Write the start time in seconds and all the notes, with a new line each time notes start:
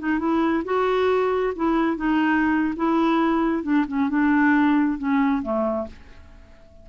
0.00 D#4
0.19 E4
0.65 F#4
1.56 E4
1.97 D#4
2.77 E4
3.64 D4
3.88 C#4
4.10 D4
4.99 C#4
5.43 A3